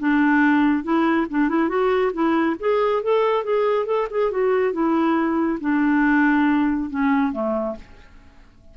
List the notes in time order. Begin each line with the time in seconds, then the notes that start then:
0.00 D4
0.84 E4
1.30 D4
1.49 E4
1.69 F#4
2.13 E4
2.60 G#4
3.03 A4
3.44 G#4
3.86 A4
4.10 G#4
4.31 F#4
4.73 E4
5.60 D4
6.90 C#4
7.32 A3